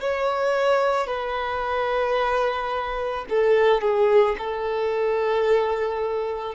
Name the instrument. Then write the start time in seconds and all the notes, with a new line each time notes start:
violin
0.00 C#5
1.07 B4
3.29 A4
3.81 G#4
4.38 A4